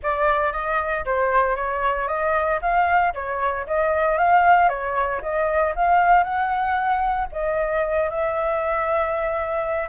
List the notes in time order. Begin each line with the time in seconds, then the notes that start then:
0.03 D5
0.52 D#5
1.05 C5
1.56 C#5
2.08 D#5
2.61 F5
3.14 C#5
3.66 D#5
4.18 F5
4.69 C#5
5.22 D#5
5.75 F5
6.23 F#5
7.31 D#5
8.10 E5